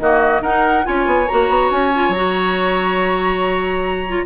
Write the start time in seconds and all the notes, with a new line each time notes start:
0.00 D#3 A#3 F#4 D#5
0.41 D#4 A#4 F#5
0.84 C#4 F4 C#5 G#5
1.07 B3
1.28 A#3 F#4 A#5
1.50 B3
1.71 C#4 G#5
1.94 F4
2.09 F#3 A#5
2.16 F#4
4.08 F4